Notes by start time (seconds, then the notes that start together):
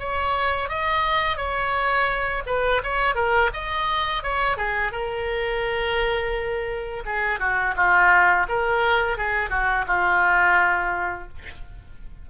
0.00 C#5
0.70 D#5
1.37 C#5
2.47 B4
2.84 C#5
3.15 A#4
3.54 D#5
4.24 C#5
4.58 G#4
4.92 A#4
7.06 G#4
7.40 F#4
7.76 F4
8.49 A#4
9.18 G#4
9.50 F#4
9.88 F4